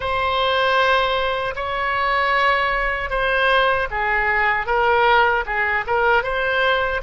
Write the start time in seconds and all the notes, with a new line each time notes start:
0.00 C5
1.55 C#5
3.10 C5
3.91 G#4
4.66 A#4
5.45 G#4
5.87 A#4
6.23 C5